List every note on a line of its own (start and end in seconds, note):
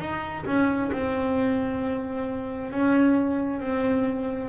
0.00 0.45 D#4
0.46 0.91 C#4
0.92 2.71 C4
2.71 3.60 C#4
3.60 4.49 C4